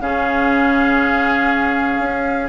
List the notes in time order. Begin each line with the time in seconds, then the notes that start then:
0.00 C#3 C#4 G#4 F5
2.00 C#4